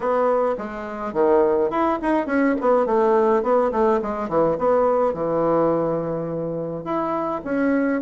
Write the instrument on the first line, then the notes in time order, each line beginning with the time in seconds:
bassoon
0.00 B3
0.58 G#3
1.13 D#3
1.70 E4
2.02 D#4
2.26 C#4
2.61 B3
2.86 A3
3.42 B3
3.71 A3
4.02 G#3
4.28 E3
4.58 B3
5.13 E3
6.84 E4
7.44 C#4